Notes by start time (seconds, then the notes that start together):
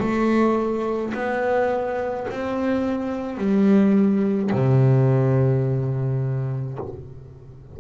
0.00 A3
1.14 B3
2.31 C4
3.38 G3
4.52 C3